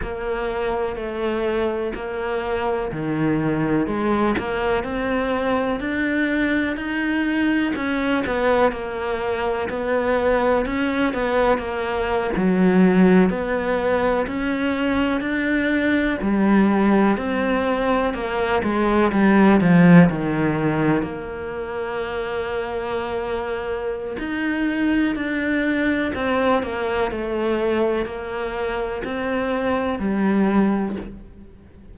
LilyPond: \new Staff \with { instrumentName = "cello" } { \time 4/4 \tempo 4 = 62 ais4 a4 ais4 dis4 | gis8 ais8 c'4 d'4 dis'4 | cis'8 b8 ais4 b4 cis'8 b8 | ais8. fis4 b4 cis'4 d'16~ |
d'8. g4 c'4 ais8 gis8 g16~ | g16 f8 dis4 ais2~ ais16~ | ais4 dis'4 d'4 c'8 ais8 | a4 ais4 c'4 g4 | }